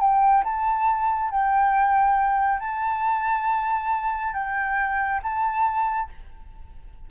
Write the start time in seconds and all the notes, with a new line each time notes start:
0.00 G5
0.44 A5
1.30 G5
2.59 A5
4.34 G5
5.23 A5